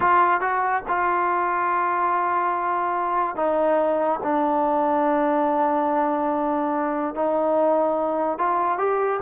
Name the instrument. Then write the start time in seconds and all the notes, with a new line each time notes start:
trombone
0.00 F4
0.41 F#4
0.88 F4
3.36 D#4
4.23 D4
7.14 D#4
8.38 F4
8.77 G4